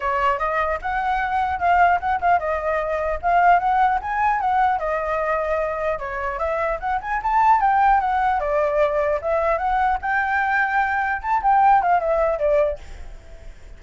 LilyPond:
\new Staff \with { instrumentName = "flute" } { \time 4/4 \tempo 4 = 150 cis''4 dis''4 fis''2 | f''4 fis''8 f''8 dis''2 | f''4 fis''4 gis''4 fis''4 | dis''2. cis''4 |
e''4 fis''8 gis''8 a''4 g''4 | fis''4 d''2 e''4 | fis''4 g''2. | a''8 g''4 f''8 e''4 d''4 | }